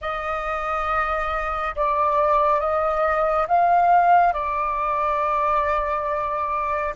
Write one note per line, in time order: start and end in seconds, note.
0.01 1.75 D#5
1.75 2.59 D5
2.59 3.46 D#5
3.47 4.33 F5
4.33 6.94 D5